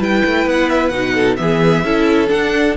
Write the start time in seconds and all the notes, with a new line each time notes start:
0.00 G3 E4 B4 G5
0.25 A3
0.46 B3 F#5
0.70 E5
0.89 B2 D#4 F#5
1.15 A4
1.37 E3 B3 G#4 E5
1.84 C#4 E4 A4
2.28 D4 F#5